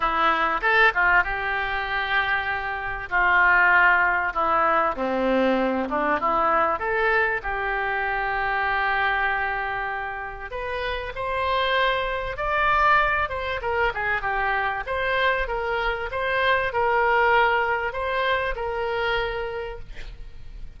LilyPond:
\new Staff \with { instrumentName = "oboe" } { \time 4/4 \tempo 4 = 97 e'4 a'8 f'8 g'2~ | g'4 f'2 e'4 | c'4. d'8 e'4 a'4 | g'1~ |
g'4 b'4 c''2 | d''4. c''8 ais'8 gis'8 g'4 | c''4 ais'4 c''4 ais'4~ | ais'4 c''4 ais'2 | }